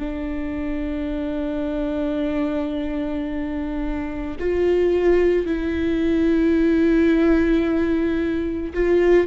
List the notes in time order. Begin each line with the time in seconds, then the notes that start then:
0.00 D4
4.40 F4
5.46 E4
8.75 F4